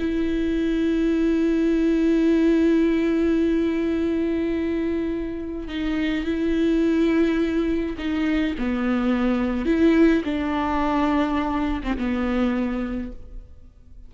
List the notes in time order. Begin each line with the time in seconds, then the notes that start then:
0.00 E4
5.68 D#4
6.25 E4
7.98 D#4
8.59 B3
9.66 E4
10.25 D4
11.83 C4
11.98 B3